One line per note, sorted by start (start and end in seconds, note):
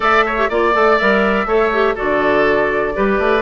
0.00 0.47 A3
0.00 0.35 A4
0.00 0.25 D5
0.00 0.51 E5
0.26 0.49 C#5
0.37 0.49 G4
0.49 0.74 A#3
0.49 0.73 F4
0.49 1.47 D5
0.49 0.98 D5
0.73 0.99 A3
0.73 0.98 A4
0.98 1.45 G3
0.98 1.47 A#4
0.98 1.96 E5
1.45 1.94 A3
1.45 1.71 A4
1.45 1.94 C#5
1.72 1.96 G4
1.94 2.94 F#4
1.94 2.93 A4
1.94 3.41 D5
2.01 2.97 D3
2.94 3.19 G3
2.94 3.41 G4
2.94 3.41 B4
3.19 3.41 A3